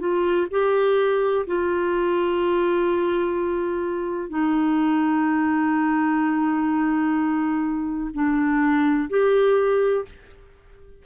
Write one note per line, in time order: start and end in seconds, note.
0.00 0.48 F4
0.51 1.46 G4
1.47 4.29 F4
4.29 8.10 D#4
8.14 9.10 D4
9.10 10.05 G4